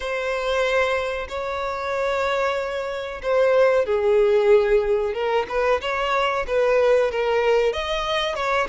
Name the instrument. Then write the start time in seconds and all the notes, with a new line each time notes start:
violin
0.00 C5
1.28 C#5
3.22 C5
3.85 G#4
5.14 A#4
5.48 B4
5.81 C#5
6.47 B4
7.11 A#4
7.72 D#5
8.35 C#5